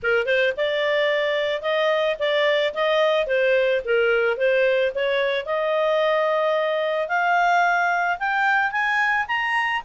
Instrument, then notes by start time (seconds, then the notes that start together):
clarinet
0.02 A#4
0.26 C5
0.57 D5
1.62 D#5
2.19 D5
2.73 D#5
3.27 C5
3.85 A#4
4.37 C5
4.95 C#5
5.45 D#5
7.08 F5
8.19 G5
8.71 G#5
9.27 A#5